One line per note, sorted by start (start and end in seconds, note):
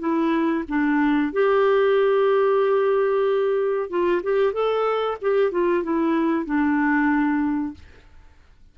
0.00 0.65 E4
0.69 1.33 D4
1.33 3.90 G4
3.90 4.22 F4
4.23 4.53 G4
4.53 5.18 A4
5.22 5.52 G4
5.52 5.84 F4
5.84 6.46 E4
6.46 7.75 D4